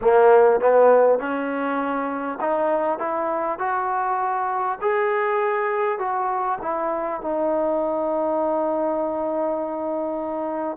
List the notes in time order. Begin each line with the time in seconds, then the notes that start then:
0.01 A#3
0.60 B3
1.18 C#4
2.40 D#4
2.98 E4
3.58 F#4
4.81 G#4
5.98 F#4
6.61 E4
7.21 D#4